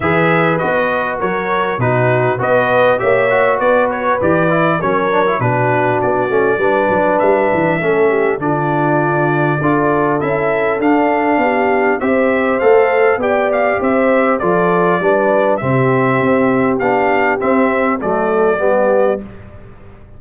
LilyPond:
<<
  \new Staff \with { instrumentName = "trumpet" } { \time 4/4 \tempo 4 = 100 e''4 dis''4 cis''4 b'4 | dis''4 e''4 d''8 cis''8 d''4 | cis''4 b'4 d''2 | e''2 d''2~ |
d''4 e''4 f''2 | e''4 f''4 g''8 f''8 e''4 | d''2 e''2 | f''4 e''4 d''2 | }
  \new Staff \with { instrumentName = "horn" } { \time 4/4 b'2 ais'4 fis'4 | b'4 cis''4 b'2 | ais'4 fis'2 b'4~ | b'4 a'8 g'8 f'2 |
a'2. g'4 | c''2 d''4 c''4 | a'4 b'4 g'2~ | g'2 a'4 g'4 | }
  \new Staff \with { instrumentName = "trombone" } { \time 4/4 gis'4 fis'2 dis'4 | fis'4 g'8 fis'4. g'8 e'8 | cis'8 d'16 e'16 d'4. cis'8 d'4~ | d'4 cis'4 d'2 |
f'4 e'4 d'2 | g'4 a'4 g'2 | f'4 d'4 c'2 | d'4 c'4 a4 b4 | }
  \new Staff \with { instrumentName = "tuba" } { \time 4/4 e4 b4 fis4 b,4 | b4 ais4 b4 e4 | fis4 b,4 b8 a8 g8 fis8 | g8 e8 a4 d2 |
d'4 cis'4 d'4 b4 | c'4 a4 b4 c'4 | f4 g4 c4 c'4 | b4 c'4 fis4 g4 | }
>>